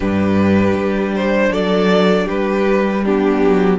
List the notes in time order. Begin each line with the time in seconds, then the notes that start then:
0.00 G2 D4 G4 B4
0.73 G3
1.15 C5
1.51 F#3 A4 D5
2.25 G3 G4 B4
3.04 B3 D4 G4
3.41 F#3